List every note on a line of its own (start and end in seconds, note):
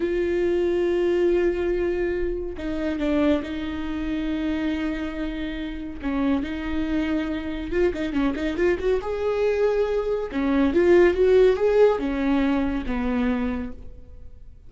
0.00 2.56 F4
2.57 2.99 D#4
2.99 3.42 D4
3.42 5.99 D#4
6.01 6.43 C#4
6.43 7.71 D#4
7.71 7.93 F4
7.93 8.12 D#4
8.12 8.34 C#4
8.35 8.56 D#4
8.56 8.78 F4
8.79 9.00 F#4
9.01 10.30 G#4
10.31 10.73 C#4
10.73 11.14 F4
11.14 11.56 F#4
11.56 11.98 G#4
11.98 12.84 C#4
12.86 13.72 B3